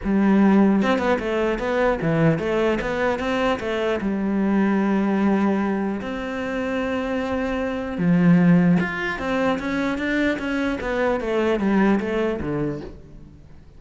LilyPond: \new Staff \with { instrumentName = "cello" } { \time 4/4 \tempo 4 = 150 g2 c'8 b8 a4 | b4 e4 a4 b4 | c'4 a4 g2~ | g2. c'4~ |
c'1 | f2 f'4 c'4 | cis'4 d'4 cis'4 b4 | a4 g4 a4 d4 | }